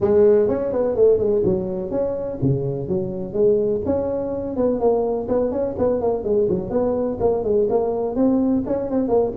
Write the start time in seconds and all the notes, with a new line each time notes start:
0.00 G#3
0.48 C#4
0.72 B3
0.95 A3
1.18 G#3
1.44 F#3
1.90 C#4
2.42 C#3
2.88 F#3
3.33 G#3
3.85 C#4
4.56 B3
4.79 A#3
5.28 B3
5.51 C#4
5.78 B3
6.01 A#3
6.24 G#3
6.49 F#3
6.69 B3
7.20 A#3
7.43 G#3
7.69 A#3
8.15 C4
8.66 C#4
8.90 C4
9.08 A#3